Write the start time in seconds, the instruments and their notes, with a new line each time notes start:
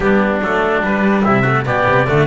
0.00 double bass G3, cello B3, oboe D4, trumpet G4
0.40 double bass F#3, cello A3, trumpet A4
0.82 cello G3, double bass G3, trumpet B4
1.23 double bass C3, oboe E4, trumpet E5
1.41 cello A3, oboe F#4
1.65 double bass B2, cello B3, oboe G4, trumpet D5
1.86 double bass C3
2.07 double bass D3, cello A3, oboe F#4